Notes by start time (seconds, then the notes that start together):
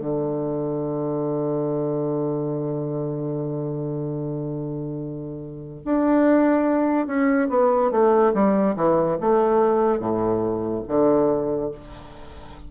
0.00 D3
5.85 D4
7.07 C#4
7.50 B3
7.91 A3
8.34 G3
8.77 E3
9.21 A3
10.00 A2
10.88 D3